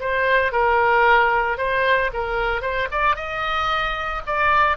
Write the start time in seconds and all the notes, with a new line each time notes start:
0.00 C5
0.52 A#4
1.58 C5
2.13 A#4
2.62 C5
2.91 D5
3.16 D#5
4.26 D5